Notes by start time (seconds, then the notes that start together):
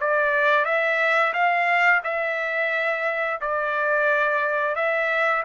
0.00 D5
0.65 E5
1.33 F5
2.04 E5
3.41 D5
4.75 E5